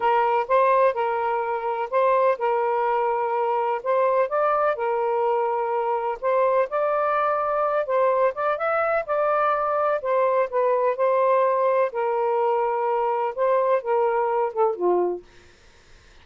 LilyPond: \new Staff \with { instrumentName = "saxophone" } { \time 4/4 \tempo 4 = 126 ais'4 c''4 ais'2 | c''4 ais'2. | c''4 d''4 ais'2~ | ais'4 c''4 d''2~ |
d''8 c''4 d''8 e''4 d''4~ | d''4 c''4 b'4 c''4~ | c''4 ais'2. | c''4 ais'4. a'8 f'4 | }